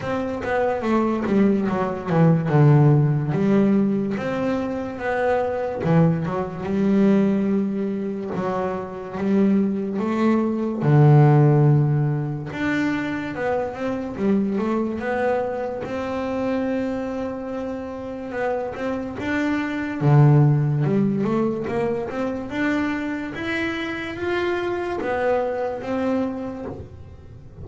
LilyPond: \new Staff \with { instrumentName = "double bass" } { \time 4/4 \tempo 4 = 72 c'8 b8 a8 g8 fis8 e8 d4 | g4 c'4 b4 e8 fis8 | g2 fis4 g4 | a4 d2 d'4 |
b8 c'8 g8 a8 b4 c'4~ | c'2 b8 c'8 d'4 | d4 g8 a8 ais8 c'8 d'4 | e'4 f'4 b4 c'4 | }